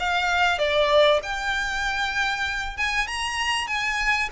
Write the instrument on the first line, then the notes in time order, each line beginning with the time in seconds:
violin
0.00 F5
0.59 D5
1.23 G5
2.78 G#5
3.08 A#5
3.68 G#5